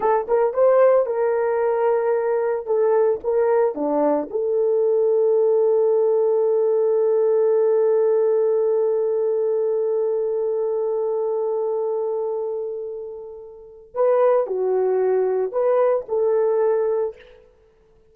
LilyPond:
\new Staff \with { instrumentName = "horn" } { \time 4/4 \tempo 4 = 112 a'8 ais'8 c''4 ais'2~ | ais'4 a'4 ais'4 d'4 | a'1~ | a'1~ |
a'1~ | a'1~ | a'2 b'4 fis'4~ | fis'4 b'4 a'2 | }